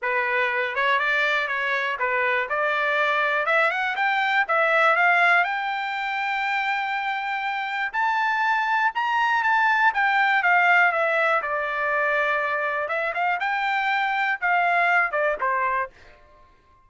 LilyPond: \new Staff \with { instrumentName = "trumpet" } { \time 4/4 \tempo 4 = 121 b'4. cis''8 d''4 cis''4 | b'4 d''2 e''8 fis''8 | g''4 e''4 f''4 g''4~ | g''1 |
a''2 ais''4 a''4 | g''4 f''4 e''4 d''4~ | d''2 e''8 f''8 g''4~ | g''4 f''4. d''8 c''4 | }